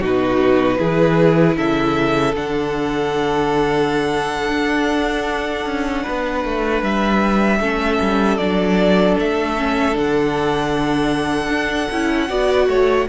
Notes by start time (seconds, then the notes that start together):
0.00 B2 D#4 F#4 B4
0.78 E3 E4 G#4
1.57 C#3 A4 E5
2.35 D3 D4 F#5
4.49 D4
5.66 C#4
6.03 B3 B4
6.45 A3
6.82 G3 E5
7.60 A3 C#4 A4
8.01 G3
8.37 F#3 D4 D5
9.19 A3 E5
9.57 C#4
9.93 D3 D4 F#5
11.49 D4
11.92 C#4 E4
12.29 B3 F#4 D5
12.68 A3 C#5